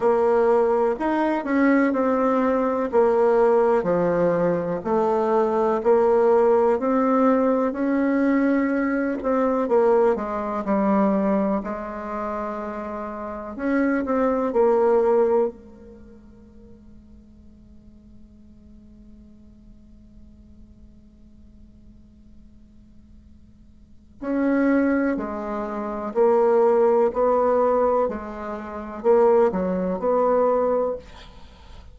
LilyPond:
\new Staff \with { instrumentName = "bassoon" } { \time 4/4 \tempo 4 = 62 ais4 dis'8 cis'8 c'4 ais4 | f4 a4 ais4 c'4 | cis'4. c'8 ais8 gis8 g4 | gis2 cis'8 c'8 ais4 |
gis1~ | gis1~ | gis4 cis'4 gis4 ais4 | b4 gis4 ais8 fis8 b4 | }